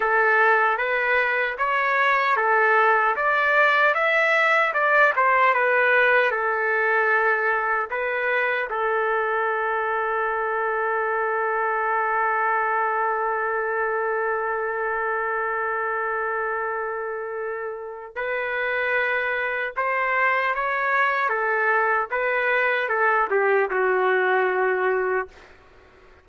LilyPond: \new Staff \with { instrumentName = "trumpet" } { \time 4/4 \tempo 4 = 76 a'4 b'4 cis''4 a'4 | d''4 e''4 d''8 c''8 b'4 | a'2 b'4 a'4~ | a'1~ |
a'1~ | a'2. b'4~ | b'4 c''4 cis''4 a'4 | b'4 a'8 g'8 fis'2 | }